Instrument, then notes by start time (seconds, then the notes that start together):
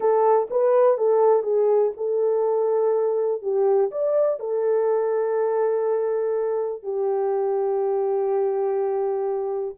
horn
0.00 A4
0.50 B4
0.97 A4
1.43 G#4
1.96 A4
3.42 G4
3.91 D5
4.39 A4
6.82 G4